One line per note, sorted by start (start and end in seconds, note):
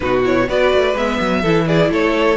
0.00 0.49 B2
0.00 0.24 D#4
0.00 0.48 F#4
0.00 0.22 B4
0.24 0.47 E4
0.24 0.49 C#5
0.47 0.73 B3
0.47 0.95 F#4
0.47 1.41 B4
0.47 0.96 D5
0.73 0.94 A3
0.94 1.18 G#3
0.94 1.44 B3
0.94 1.67 E5
1.20 1.43 F#3
1.41 1.90 E3
1.41 2.37 E4
1.41 1.65 A4
1.67 1.90 G#4
1.67 1.91 D5
1.90 2.37 A3
1.90 2.37 A4
1.90 2.37 C#5